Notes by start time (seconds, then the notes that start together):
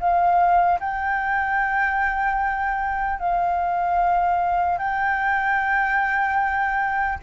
0.00 F5
0.80 G5
3.20 F5
4.79 G5